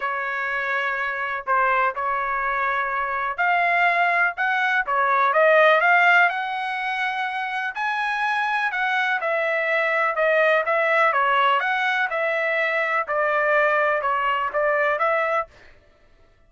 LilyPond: \new Staff \with { instrumentName = "trumpet" } { \time 4/4 \tempo 4 = 124 cis''2. c''4 | cis''2. f''4~ | f''4 fis''4 cis''4 dis''4 | f''4 fis''2. |
gis''2 fis''4 e''4~ | e''4 dis''4 e''4 cis''4 | fis''4 e''2 d''4~ | d''4 cis''4 d''4 e''4 | }